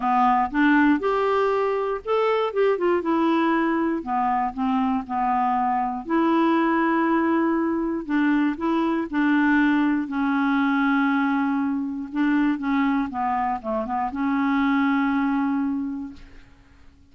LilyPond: \new Staff \with { instrumentName = "clarinet" } { \time 4/4 \tempo 4 = 119 b4 d'4 g'2 | a'4 g'8 f'8 e'2 | b4 c'4 b2 | e'1 |
d'4 e'4 d'2 | cis'1 | d'4 cis'4 b4 a8 b8 | cis'1 | }